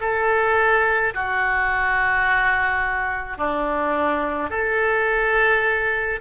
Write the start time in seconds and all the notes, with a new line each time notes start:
0.00 A4
1.14 F#4
3.38 D4
4.50 A4